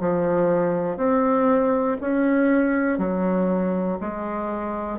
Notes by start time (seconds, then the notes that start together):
0.00 F3
0.97 C4
2.01 C#4
2.99 F#3
4.00 G#3